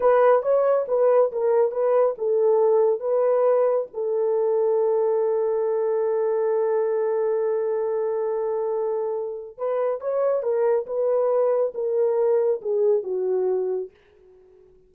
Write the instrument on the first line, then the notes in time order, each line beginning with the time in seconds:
horn
0.00 B4
0.42 C#5
0.88 B4
1.31 A#4
1.71 B4
2.18 A4
3.00 B4
3.93 A4
9.57 B4
10.00 C#5
10.42 A#4
10.86 B4
11.74 A#4
12.61 G#4
13.03 F#4